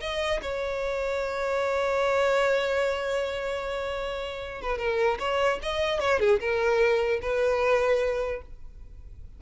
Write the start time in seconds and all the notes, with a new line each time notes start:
0.00 D#5
0.42 C#5
4.61 B4
4.78 A#4
5.19 C#5
5.62 D#5
6.00 C#5
6.19 G#4
6.40 A#4
7.21 B4